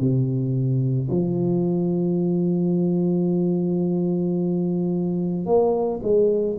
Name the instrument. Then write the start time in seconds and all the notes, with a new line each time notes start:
tuba
0.00 C3
1.10 F3
5.45 A#3
6.02 G#3